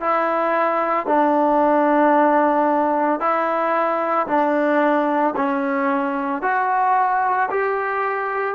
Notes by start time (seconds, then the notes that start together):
0.00 E4
1.06 D4
3.20 E4
4.27 D4
5.36 C#4
6.42 F#4
7.50 G4